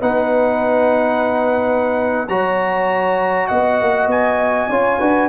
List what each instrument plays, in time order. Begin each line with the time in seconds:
0.00 tuba B3, trombone D#4, horn B4, trumpet F#5
2.28 tuba F#3, trombone F#4, horn C#5, trumpet A#5
3.47 tuba B3, horn D#5, trumpet F#5
3.81 tuba A#3
4.07 tuba B3, trumpet G#5
4.69 tuba C#4, trombone F4, horn C#5
4.98 tuba D4, trombone F#4, horn B4